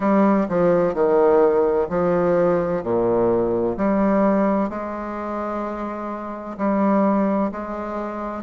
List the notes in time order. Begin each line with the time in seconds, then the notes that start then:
0.00 G3
0.49 F3
0.94 D#3
1.89 F3
2.83 A#2
3.77 G3
4.69 G#3
6.57 G3
7.51 G#3